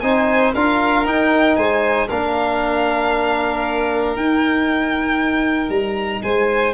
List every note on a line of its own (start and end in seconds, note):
0.00 0.54 C4
0.00 0.55 D#4
0.00 0.54 C5
0.00 0.52 G#5
0.54 1.06 D4
0.54 1.06 F4
0.54 1.57 A#4
0.54 1.06 F5
1.06 2.09 D#4
1.06 1.57 D#4
1.06 1.56 G5
1.56 2.09 G#3
1.56 2.08 C5
1.56 2.08 G#5
2.08 4.16 A#3
2.08 4.18 D4
2.08 6.22 A#4
2.08 4.16 F5
4.16 5.70 D#4
4.16 6.74 D#4
4.16 5.70 G5
5.70 6.21 G3
5.70 6.22 A#5
6.22 6.74 G#3
6.22 6.74 C5
6.22 6.74 G#5